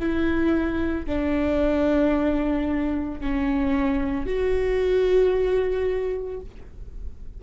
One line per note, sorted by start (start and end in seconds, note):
0.00 1.07 E4
1.07 3.21 D4
3.21 4.27 C#4
4.27 6.41 F#4